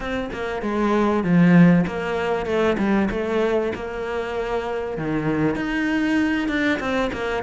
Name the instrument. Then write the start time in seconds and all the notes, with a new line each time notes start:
cello
0.00 C4
0.32 A#3
0.62 G#3
1.23 F3
1.86 A#3
2.46 A3
2.78 G3
3.11 A3
3.74 A#3
4.97 D#3
5.55 D#4
6.48 D4
6.79 C4
7.12 A#3